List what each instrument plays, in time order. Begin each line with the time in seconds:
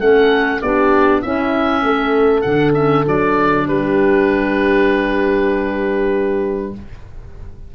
0.00 tuba A3, clarinet C#4, horn A4, oboe F#5
0.62 tuba B3, clarinet D4, horn G4, oboe D5
1.21 tuba C#4, clarinet C#4, horn E4, oboe E5
1.83 tuba A3, horn A4
2.41 tuba D3, clarinet D4, oboe F#5
2.73 clarinet C#4, oboe E5
3.05 tuba F#3, clarinet D4, oboe D5
3.68 tuba G3, horn G4, oboe B4